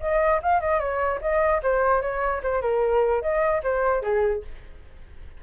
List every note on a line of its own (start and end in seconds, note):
0.00 0.40 D#5
0.42 0.60 F5
0.60 0.79 D#5
0.79 1.20 C#5
1.21 1.61 D#5
1.63 2.01 C5
2.01 2.42 C#5
2.43 2.62 C5
2.62 3.22 A#4
3.22 3.62 D#5
3.63 4.02 C5
4.02 4.42 G#4